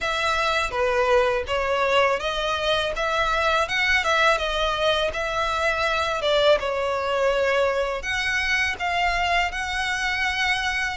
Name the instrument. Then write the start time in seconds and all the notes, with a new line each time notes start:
violin
0.00 E5
0.70 B4
1.47 C#5
2.19 D#5
2.96 E5
3.68 F#5
4.04 E5
4.37 D#5
5.13 E5
6.21 D5
6.59 C#5
8.02 F#5
8.79 F5
9.51 F#5